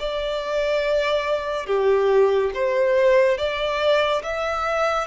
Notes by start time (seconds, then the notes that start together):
0.00 D5
1.67 G4
2.55 C5
3.38 D5
4.24 E5